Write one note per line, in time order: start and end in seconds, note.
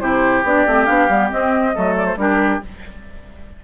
0.00 0.43 C3
0.00 0.44 E4
0.00 1.75 G4
0.00 0.43 C5
0.43 0.65 B3
0.43 0.67 D4
0.43 0.86 D5
0.67 0.88 A3
0.67 0.86 C4
0.86 1.09 B3
0.86 1.08 D4
0.86 1.29 F5
1.09 1.31 G3
1.09 1.30 B3
1.30 1.73 C4
1.30 1.76 C4
1.30 1.96 D#5
1.75 2.16 F#3
1.75 2.17 A3
1.75 2.18 A4
1.97 2.06 D5
2.06 2.16 C5
2.16 2.59 G3
2.16 2.61 D4
2.16 2.64 G4
2.16 2.62 A#4